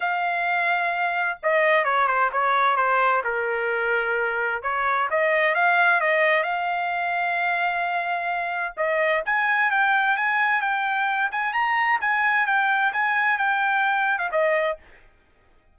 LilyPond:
\new Staff \with { instrumentName = "trumpet" } { \time 4/4 \tempo 4 = 130 f''2. dis''4 | cis''8 c''8 cis''4 c''4 ais'4~ | ais'2 cis''4 dis''4 | f''4 dis''4 f''2~ |
f''2. dis''4 | gis''4 g''4 gis''4 g''4~ | g''8 gis''8 ais''4 gis''4 g''4 | gis''4 g''4.~ g''16 f''16 dis''4 | }